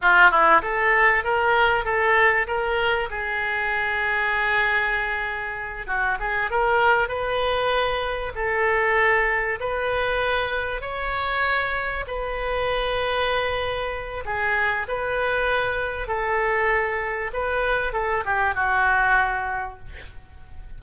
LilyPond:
\new Staff \with { instrumentName = "oboe" } { \time 4/4 \tempo 4 = 97 f'8 e'8 a'4 ais'4 a'4 | ais'4 gis'2.~ | gis'4. fis'8 gis'8 ais'4 b'8~ | b'4. a'2 b'8~ |
b'4. cis''2 b'8~ | b'2. gis'4 | b'2 a'2 | b'4 a'8 g'8 fis'2 | }